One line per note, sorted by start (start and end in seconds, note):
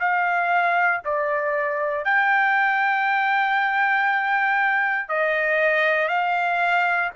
0.00 1.02 F5
1.05 2.05 D5
2.05 5.09 G5
5.09 6.09 D#5
6.09 7.10 F5